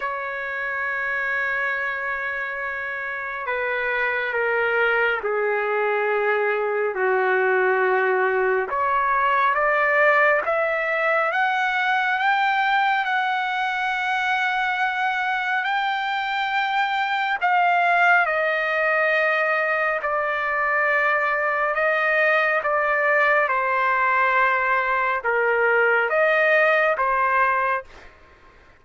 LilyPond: \new Staff \with { instrumentName = "trumpet" } { \time 4/4 \tempo 4 = 69 cis''1 | b'4 ais'4 gis'2 | fis'2 cis''4 d''4 | e''4 fis''4 g''4 fis''4~ |
fis''2 g''2 | f''4 dis''2 d''4~ | d''4 dis''4 d''4 c''4~ | c''4 ais'4 dis''4 c''4 | }